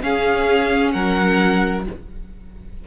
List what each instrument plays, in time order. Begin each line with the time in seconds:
0.00 viola C#4, cello C#4, violin G#4 F5
0.91 cello F#3, violin A#4 F#5